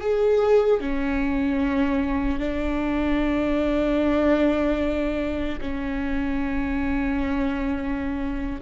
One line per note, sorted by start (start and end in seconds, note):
0.00 0.80 G#4
0.80 2.39 C#4
2.39 5.59 D4
5.60 8.60 C#4